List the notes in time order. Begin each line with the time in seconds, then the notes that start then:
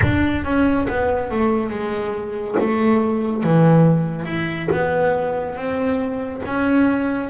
0.02 D4
0.44 C#4
0.88 B3
1.31 A3
1.69 G#3
2.59 A3
3.43 E3
4.25 E4
4.71 B3
5.56 C4
6.45 C#4